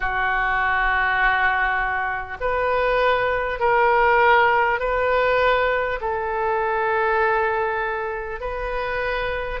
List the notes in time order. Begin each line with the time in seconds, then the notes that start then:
0.00 F#4
2.40 B4
3.59 A#4
4.79 B4
6.00 A4
8.40 B4